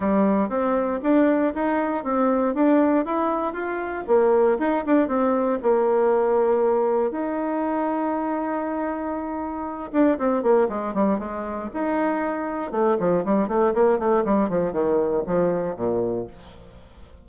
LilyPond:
\new Staff \with { instrumentName = "bassoon" } { \time 4/4 \tempo 4 = 118 g4 c'4 d'4 dis'4 | c'4 d'4 e'4 f'4 | ais4 dis'8 d'8 c'4 ais4~ | ais2 dis'2~ |
dis'2.~ dis'8 d'8 | c'8 ais8 gis8 g8 gis4 dis'4~ | dis'4 a8 f8 g8 a8 ais8 a8 | g8 f8 dis4 f4 ais,4 | }